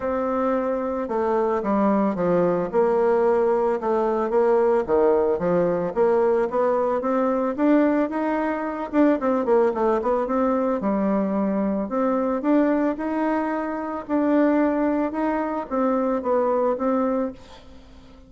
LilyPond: \new Staff \with { instrumentName = "bassoon" } { \time 4/4 \tempo 4 = 111 c'2 a4 g4 | f4 ais2 a4 | ais4 dis4 f4 ais4 | b4 c'4 d'4 dis'4~ |
dis'8 d'8 c'8 ais8 a8 b8 c'4 | g2 c'4 d'4 | dis'2 d'2 | dis'4 c'4 b4 c'4 | }